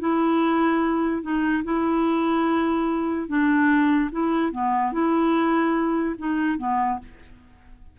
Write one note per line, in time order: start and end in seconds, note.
0.00 1.23 E4
1.23 1.64 D#4
1.64 3.28 E4
3.28 4.10 D4
4.12 4.52 E4
4.52 4.92 B3
4.92 6.16 E4
6.18 6.58 D#4
6.58 6.99 B3